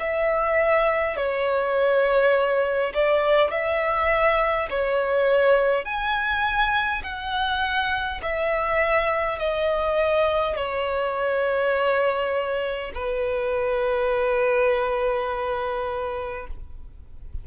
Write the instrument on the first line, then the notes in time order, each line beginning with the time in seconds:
violin
0.00 E5
1.17 C#5
2.95 D5
3.51 E5
4.71 C#5
5.85 G#5
7.04 F#5
8.23 E5
9.39 D#5
10.57 C#5
12.95 B4